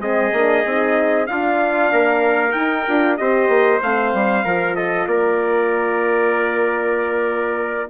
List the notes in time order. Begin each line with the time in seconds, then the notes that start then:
0.00 G#3 C4 G#4 D#5
0.33 A#3 D4
0.65 C4 D#4
1.26 D4 F4 F5
1.92 A#3 A#4
2.52 D#4 G5
2.88 D4 F4
3.17 C4 G4 C5 D#5
3.49 A#3
3.82 A3 C4 F5
4.14 G3
4.45 F3 F4 A#4
4.76 A4 D#5
5.07 A#3 A#4 D5